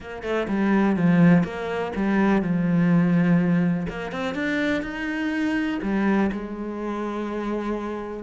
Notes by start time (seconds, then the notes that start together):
0.00 A#3
0.23 A3
0.48 G3
0.96 F3
1.43 A#3
1.95 G3
2.41 F3
3.89 A#3
4.11 C4
4.34 D4
4.82 D#4
5.82 G3
6.32 G#3